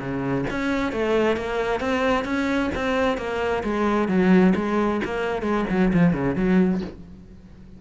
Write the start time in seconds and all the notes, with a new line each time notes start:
0.00 C#3
0.51 C#4
0.93 A3
1.37 A#3
1.80 C4
2.25 C#4
2.75 C4
3.18 A#3
3.64 G#3
4.08 F#3
4.56 G#3
5.05 A#3
5.43 G#3
5.70 F#3
5.94 F3
6.13 C#3
6.36 F#3